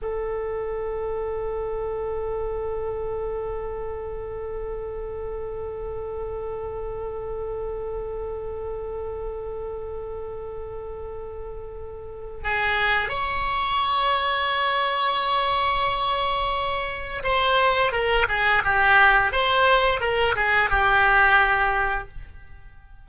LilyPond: \new Staff \with { instrumentName = "oboe" } { \time 4/4 \tempo 4 = 87 a'1~ | a'1~ | a'1~ | a'1~ |
a'2 gis'4 cis''4~ | cis''1~ | cis''4 c''4 ais'8 gis'8 g'4 | c''4 ais'8 gis'8 g'2 | }